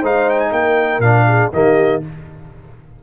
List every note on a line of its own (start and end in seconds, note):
0.00 0.52 G#3
0.00 1.02 D#4
0.00 0.49 C5
0.00 0.29 F5
0.29 0.39 G5
0.39 0.52 G#5
0.52 0.99 A#3
0.52 1.26 A#4
0.52 1.01 G5
0.99 1.48 A#2
0.99 1.52 D4
0.99 1.50 F5
1.27 1.52 G#4
1.52 2.02 D#3
1.52 2.02 A#3
1.52 2.03 G4
1.52 2.02 D#5